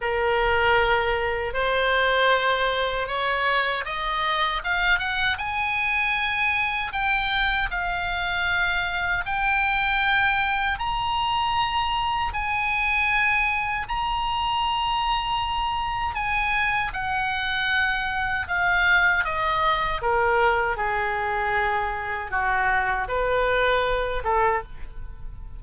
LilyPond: \new Staff \with { instrumentName = "oboe" } { \time 4/4 \tempo 4 = 78 ais'2 c''2 | cis''4 dis''4 f''8 fis''8 gis''4~ | gis''4 g''4 f''2 | g''2 ais''2 |
gis''2 ais''2~ | ais''4 gis''4 fis''2 | f''4 dis''4 ais'4 gis'4~ | gis'4 fis'4 b'4. a'8 | }